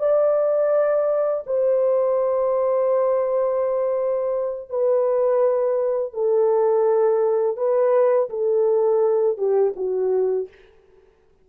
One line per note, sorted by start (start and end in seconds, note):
0.00 1.45 D5
1.47 4.70 C5
4.70 6.13 B4
6.13 7.57 A4
7.57 8.30 B4
8.30 9.38 A4
9.38 9.74 G4
9.77 10.49 F#4